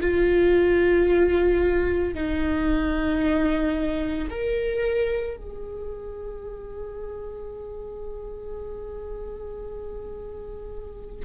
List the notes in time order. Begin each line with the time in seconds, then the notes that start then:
0.00 F4
2.14 D#4
4.30 A#4
5.37 G#4